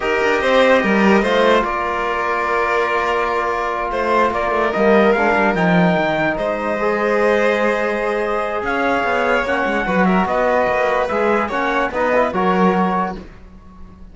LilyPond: <<
  \new Staff \with { instrumentName = "trumpet" } { \time 4/4 \tempo 4 = 146 dis''1 | d''1~ | d''4. c''4 d''4 dis''8~ | dis''8 f''4 g''2 dis''8~ |
dis''1~ | dis''4 f''2 fis''4~ | fis''8 e''8 dis''2 e''4 | fis''4 dis''4 cis''2 | }
  \new Staff \with { instrumentName = "violin" } { \time 4/4 ais'4 c''4 ais'4 c''4 | ais'1~ | ais'4. c''4 ais'4.~ | ais'2.~ ais'8 c''8~ |
c''1~ | c''4 cis''2. | b'8 ais'8 b'2. | cis''4 b'4 ais'2 | }
  \new Staff \with { instrumentName = "trombone" } { \time 4/4 g'2. f'4~ | f'1~ | f'2.~ f'8 ais8~ | ais8 d'4 dis'2~ dis'8~ |
dis'8 gis'2.~ gis'8~ | gis'2. cis'4 | fis'2. gis'4 | cis'4 dis'8 e'8 fis'2 | }
  \new Staff \with { instrumentName = "cello" } { \time 4/4 dis'8 d'8 c'4 g4 a4 | ais1~ | ais4. a4 ais8 a8 g8~ | g8 gis8 g8 f4 dis4 gis8~ |
gis1~ | gis4 cis'4 b4 ais8 gis8 | fis4 b4 ais4 gis4 | ais4 b4 fis2 | }
>>